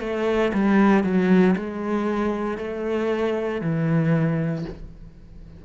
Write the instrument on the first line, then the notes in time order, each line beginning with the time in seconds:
cello
0.00 A3
0.54 G3
1.03 F#3
1.56 G#3
2.58 A3
3.61 E3